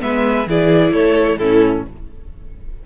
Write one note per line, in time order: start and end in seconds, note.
0.00 0.47 G#3
0.00 0.46 B3
0.00 0.49 B4
0.00 0.48 E5
0.47 0.93 E3
0.47 1.41 E4
0.47 0.94 G#4
0.47 0.94 D5
0.93 1.38 A3
0.93 1.39 A4
0.93 1.38 C#5
1.38 1.83 A2
1.38 1.87 C#4
1.38 1.85 E4
1.38 1.84 A4